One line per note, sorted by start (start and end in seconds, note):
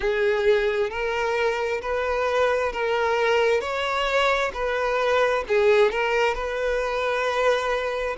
0.00 0.90 G#4
0.90 1.81 A#4
1.81 2.72 B4
2.72 3.60 A#4
3.60 4.51 C#5
4.53 5.44 B4
5.48 5.91 G#4
5.91 6.34 A#4
6.34 8.16 B4